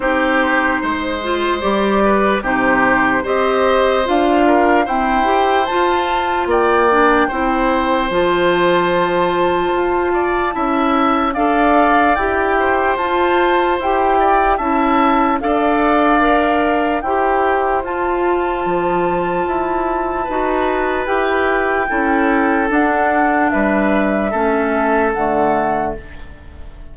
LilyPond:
<<
  \new Staff \with { instrumentName = "flute" } { \time 4/4 \tempo 4 = 74 c''2 d''4 c''4 | dis''4 f''4 g''4 a''4 | g''2 a''2~ | a''2 f''4 g''4 |
a''4 g''4 a''4 f''4~ | f''4 g''4 a''2~ | a''2 g''2 | fis''4 e''2 fis''4 | }
  \new Staff \with { instrumentName = "oboe" } { \time 4/4 g'4 c''4. b'8 g'4 | c''4. ais'8 c''2 | d''4 c''2.~ | c''8 d''8 e''4 d''4. c''8~ |
c''4. d''8 e''4 d''4~ | d''4 c''2.~ | c''4 b'2 a'4~ | a'4 b'4 a'2 | }
  \new Staff \with { instrumentName = "clarinet" } { \time 4/4 dis'4. f'8 g'4 dis'4 | g'4 f'4 c'8 g'8 f'4~ | f'8 d'8 e'4 f'2~ | f'4 e'4 a'4 g'4 |
f'4 g'4 e'4 a'4 | ais'4 g'4 f'2~ | f'4 fis'4 g'4 e'4 | d'2 cis'4 a4 | }
  \new Staff \with { instrumentName = "bassoon" } { \time 4/4 c'4 gis4 g4 c4 | c'4 d'4 e'4 f'4 | ais4 c'4 f2 | f'4 cis'4 d'4 e'4 |
f'4 e'4 cis'4 d'4~ | d'4 e'4 f'4 f4 | e'4 dis'4 e'4 cis'4 | d'4 g4 a4 d4 | }
>>